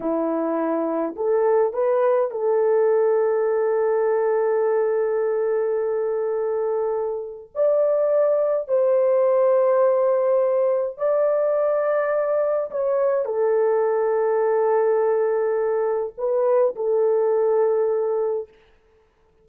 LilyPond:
\new Staff \with { instrumentName = "horn" } { \time 4/4 \tempo 4 = 104 e'2 a'4 b'4 | a'1~ | a'1~ | a'4 d''2 c''4~ |
c''2. d''4~ | d''2 cis''4 a'4~ | a'1 | b'4 a'2. | }